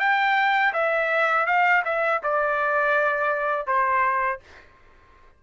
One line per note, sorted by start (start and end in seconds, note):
0.00 0.73 G5
0.74 1.47 E5
1.47 1.83 F5
1.85 2.22 E5
2.24 3.67 D5
3.67 4.40 C5